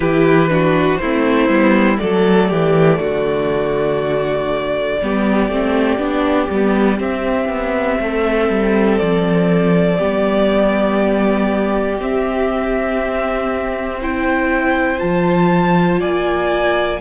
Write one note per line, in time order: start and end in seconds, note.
0.00 0.98 E3
0.00 0.49 E4
0.00 0.49 G4
0.00 0.97 B4
0.49 0.99 D4
0.49 1.01 F#4
0.97 1.49 A3
0.97 2.00 E4
0.97 1.97 C5
1.03 1.49 C4
1.49 1.99 G3
1.49 1.96 B3
1.96 2.51 F#3
1.96 4.96 A3
1.96 2.48 A4
1.96 6.98 D5
2.48 3.00 E3
2.48 2.98 G4
2.99 5.00 D3
2.99 4.99 F#4
5.01 5.48 G3
5.01 5.50 B3
5.01 8.02 G4
5.48 5.98 A3
5.48 5.98 C4
5.98 6.48 B3
5.98 6.48 D4
6.50 7.00 G3
6.50 6.97 B3
6.97 9.97 C4
6.97 7.48 C4
6.97 8.98 E5
7.48 7.98 B3
7.99 8.49 A3
7.99 9.98 A4
8.49 8.99 G3
8.98 10.00 F3
8.98 11.98 D5
9.97 11.99 G3
9.97 11.97 B3
9.97 13.98 G4
11.99 14.99 C4
11.99 14.00 C4
11.99 14.01 E5
14.01 14.98 E4
14.01 16.00 C5
14.01 14.99 G5
14.98 16.01 F3
14.98 16.98 F4
14.98 15.99 A5
16.00 17.00 A#3
16.00 17.00 D5
16.00 17.00 G#5